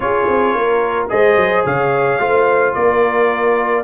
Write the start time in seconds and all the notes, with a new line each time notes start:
0.00 C#4 F4 G#4 C#5
0.27 C4
0.54 A#3 A#4
1.09 G#3 G#4 C5 D#5
1.36 F#3
1.65 C#3 C#5 F5
2.19 A3 F4 C5
2.74 A#3 A#4 D5